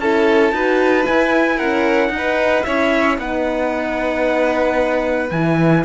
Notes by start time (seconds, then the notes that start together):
0.00 C#4 E4 A4 A5
0.52 D#4 F#4 B4
1.04 E4 G#5
1.57 C#4 A#4 F#5
2.10 D#4
2.18 B4
2.63 C#4 E4 C#5 E5
3.18 B3 D#4 B4 F#5
5.31 E3 E4 G#5